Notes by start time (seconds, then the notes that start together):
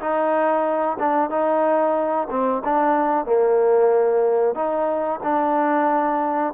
0.00 D#4
0.99 D4
1.30 D#4
2.30 C4
2.65 D4
3.26 A#3
4.55 D#4
5.24 D4